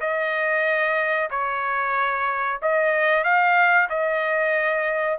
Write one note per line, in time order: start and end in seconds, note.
0.00 1.29 D#5
1.30 2.59 C#5
2.62 3.23 D#5
3.23 3.88 F5
3.89 5.18 D#5